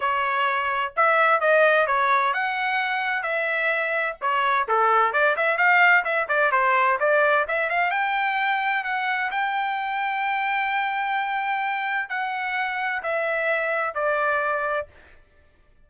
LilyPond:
\new Staff \with { instrumentName = "trumpet" } { \time 4/4 \tempo 4 = 129 cis''2 e''4 dis''4 | cis''4 fis''2 e''4~ | e''4 cis''4 a'4 d''8 e''8 | f''4 e''8 d''8 c''4 d''4 |
e''8 f''8 g''2 fis''4 | g''1~ | g''2 fis''2 | e''2 d''2 | }